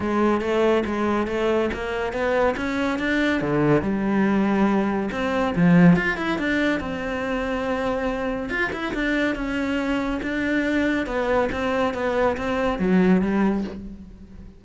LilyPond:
\new Staff \with { instrumentName = "cello" } { \time 4/4 \tempo 4 = 141 gis4 a4 gis4 a4 | ais4 b4 cis'4 d'4 | d4 g2. | c'4 f4 f'8 e'8 d'4 |
c'1 | f'8 e'8 d'4 cis'2 | d'2 b4 c'4 | b4 c'4 fis4 g4 | }